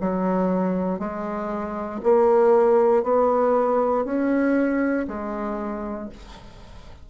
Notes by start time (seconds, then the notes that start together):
0.00 F#3
0.99 G#3
2.03 A#3
3.03 B3
4.04 C#4
5.07 G#3